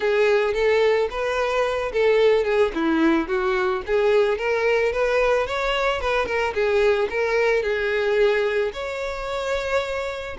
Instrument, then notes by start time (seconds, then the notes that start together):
violin
0.00 G#4
0.54 A4
1.10 B4
1.92 A4
2.44 G#4
2.74 E4
3.28 F#4
3.86 G#4
4.38 A#4
4.92 B4
5.46 C#5
6.00 B4
6.26 A#4
6.54 G#4
7.09 A#4
7.62 G#4
8.73 C#5